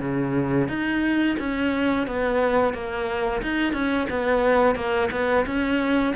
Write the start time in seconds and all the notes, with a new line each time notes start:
0.00 C#3
0.68 D#4
1.39 C#4
2.07 B3
2.74 A#3
3.42 D#4
3.73 C#4
4.09 B3
4.75 A#3
5.11 B3
5.46 C#4